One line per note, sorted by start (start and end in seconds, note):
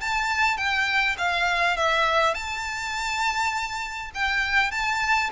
0.00 0.57 A5
0.57 1.16 G5
1.18 1.76 F5
1.76 2.34 E5
2.34 4.10 A5
4.14 4.71 G5
4.71 5.29 A5